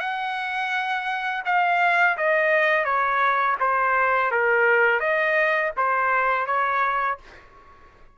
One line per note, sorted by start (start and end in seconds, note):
0.00 1.43 F#5
1.45 2.17 F5
2.17 2.85 D#5
2.85 3.56 C#5
3.60 4.31 C5
4.31 5.00 A#4
5.00 5.71 D#5
5.77 6.46 C5
6.46 7.18 C#5